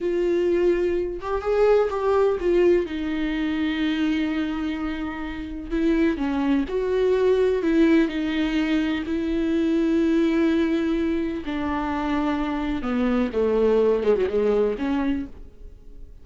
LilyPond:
\new Staff \with { instrumentName = "viola" } { \time 4/4 \tempo 4 = 126 f'2~ f'8 g'8 gis'4 | g'4 f'4 dis'2~ | dis'1 | e'4 cis'4 fis'2 |
e'4 dis'2 e'4~ | e'1 | d'2. b4 | a4. gis16 fis16 gis4 cis'4 | }